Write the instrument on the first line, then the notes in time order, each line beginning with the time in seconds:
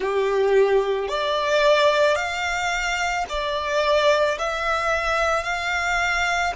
violin
0.00 G4
1.08 D5
2.15 F5
3.29 D5
4.38 E5
5.43 F5